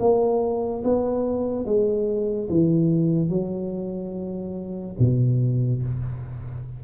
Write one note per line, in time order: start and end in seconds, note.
0.00 0.83 A#3
0.84 1.66 B3
1.66 2.49 G#3
2.50 3.30 E3
3.30 4.97 F#3
5.00 5.83 B2